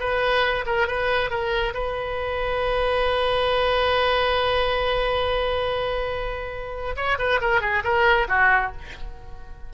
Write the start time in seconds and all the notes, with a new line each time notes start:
0.00 B4
0.66 A#4
0.87 B4
1.30 A#4
1.74 B4
6.96 C#5
7.19 B4
7.41 A#4
7.61 G#4
7.84 A#4
8.28 F#4